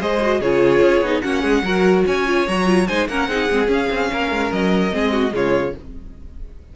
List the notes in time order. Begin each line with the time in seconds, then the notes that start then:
0.00 G#3 G#4 C5 D#5
0.22 F#4
0.40 C#3 F4 G#4 C#5
0.81 C#4
1.01 B3 D#4
1.21 A#3 C#4 F#4 F#5
1.42 G#3 G#4
1.63 F#3 F#4 A#4
2.06 C#4 C#5 G#5
2.26 F4
2.47 F#3 F#4 A#5
2.66 F4
2.87 G#3 D#4 C5 G#5
3.08 A#3 C#4 A#4 F#5
3.28 C4 D#4 G#4
3.50 G#3 C4
3.66 C#4
3.73 F5
3.90 C4
4.12 A#3 A#4
4.31 G#3
4.52 F#3 D#5
4.92 G#3 C4 G#4
5.12 F#4
5.30 C#3 G#3 F4 C#5